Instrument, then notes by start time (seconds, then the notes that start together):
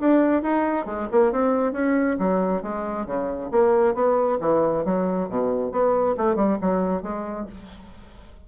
bassoon
0.00 D4
0.42 D#4
0.85 G#3
1.12 A#3
1.32 C4
1.72 C#4
2.19 F#3
2.62 G#3
3.06 C#3
3.51 A#3
3.94 B3
4.40 E3
4.84 F#3
5.29 B2
5.72 B3
6.17 A3
6.35 G3
6.61 F#3
7.02 G#3